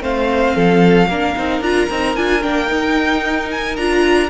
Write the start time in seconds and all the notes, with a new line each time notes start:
0.00 A3 C4 C5 F5
0.55 F3 A4
1.07 A#3 D4 A#4
1.36 C4 D#4
1.60 D4 F4 A#5
1.89 C4 D#4
2.15 D4 F4 G#5
2.41 A#3 D4 G5
2.66 D#4
3.51 G#5
3.76 D4 F4 A#5